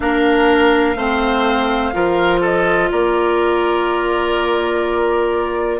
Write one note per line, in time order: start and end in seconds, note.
0.00 0.95 A#3
0.00 0.96 D4
0.00 0.97 A#4
0.00 2.39 F5
0.95 1.92 A3
0.95 1.92 C4
0.95 1.94 C5
1.92 2.91 F3
1.92 5.79 F4
1.92 2.40 A#4
2.40 2.89 A4
2.40 2.91 D#5
2.91 5.80 A#3
2.91 5.80 A#4
2.91 5.80 D5